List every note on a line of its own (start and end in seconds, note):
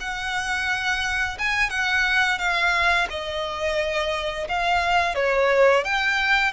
0.00 1.38 F#5
1.39 1.70 G#5
1.70 2.39 F#5
2.39 3.08 F5
3.10 4.48 D#5
4.48 5.15 F5
5.15 5.84 C#5
5.84 6.52 G5